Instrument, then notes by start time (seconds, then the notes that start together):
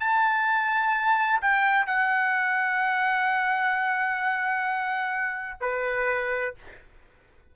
trumpet
0.00 A5
1.42 G5
1.87 F#5
5.61 B4